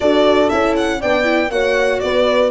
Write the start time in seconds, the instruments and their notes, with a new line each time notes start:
0.00 tuba D4, viola F#4, horn A4, violin D5
0.49 tuba C#4, viola E4, violin E5
0.76 violin F#5
0.99 tuba B3, viola D4, horn D5, violin G5
1.23 viola E4
1.50 tuba A#3, viola F#4, horn C#5, violin F#5
1.99 tuba B3, horn B4, violin D5